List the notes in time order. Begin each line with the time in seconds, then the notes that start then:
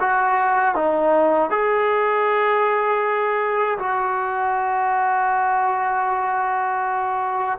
0.00 F#4
0.75 D#4
1.51 G#4
3.79 F#4